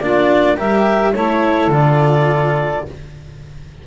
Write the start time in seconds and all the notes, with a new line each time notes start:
0.00 A#3 D4 F4 D5
0.56 G3 G4 A#4 E5
1.14 A3 E4 A4 C#5
1.68 D3 F4 D5